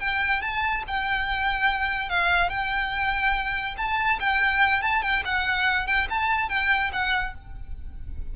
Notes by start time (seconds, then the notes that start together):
0.00 G5
0.42 A5
0.88 G5
2.10 F5
2.50 G5
3.77 A5
4.20 G5
4.82 A5
5.02 G5
5.25 F#5
5.87 G5
6.10 A5
6.49 G5
6.93 F#5